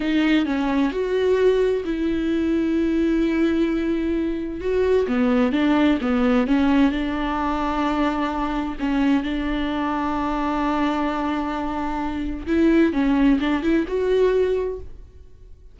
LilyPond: \new Staff \with { instrumentName = "viola" } { \time 4/4 \tempo 4 = 130 dis'4 cis'4 fis'2 | e'1~ | e'2 fis'4 b4 | d'4 b4 cis'4 d'4~ |
d'2. cis'4 | d'1~ | d'2. e'4 | cis'4 d'8 e'8 fis'2 | }